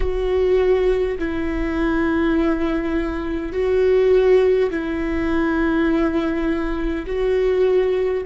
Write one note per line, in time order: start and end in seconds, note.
0.00 1.18 F#4
1.18 3.52 E4
3.52 4.70 F#4
4.70 7.05 E4
7.06 8.24 F#4